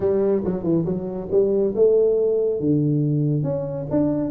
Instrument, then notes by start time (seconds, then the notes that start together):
tuba
0.00 G3
0.44 F#3
0.63 E3
0.85 F#3
1.31 G3
1.75 A3
2.60 D3
3.43 C#4
3.90 D4